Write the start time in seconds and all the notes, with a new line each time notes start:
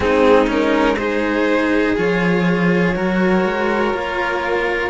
0.00 G#3 C4 D#4 G#4
0.47 C#4 A#4
0.96 D#4 G#4 C5
1.96 F3 F4 C#5
2.95 F#3 F#4 A#4
3.44 G#3
3.93 A#3 F4